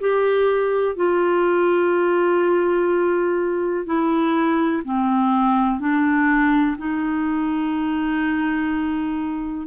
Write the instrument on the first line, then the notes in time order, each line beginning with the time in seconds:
clarinet
0.00 G4
0.95 F4
3.86 E4
4.84 C4
5.80 D4
6.78 D#4